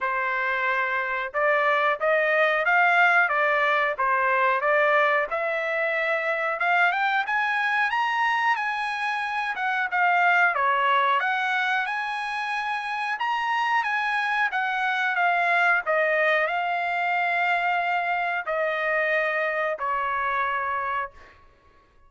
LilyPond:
\new Staff \with { instrumentName = "trumpet" } { \time 4/4 \tempo 4 = 91 c''2 d''4 dis''4 | f''4 d''4 c''4 d''4 | e''2 f''8 g''8 gis''4 | ais''4 gis''4. fis''8 f''4 |
cis''4 fis''4 gis''2 | ais''4 gis''4 fis''4 f''4 | dis''4 f''2. | dis''2 cis''2 | }